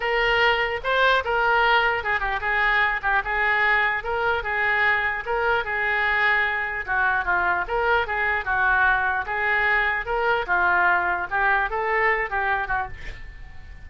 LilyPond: \new Staff \with { instrumentName = "oboe" } { \time 4/4 \tempo 4 = 149 ais'2 c''4 ais'4~ | ais'4 gis'8 g'8 gis'4. g'8 | gis'2 ais'4 gis'4~ | gis'4 ais'4 gis'2~ |
gis'4 fis'4 f'4 ais'4 | gis'4 fis'2 gis'4~ | gis'4 ais'4 f'2 | g'4 a'4. g'4 fis'8 | }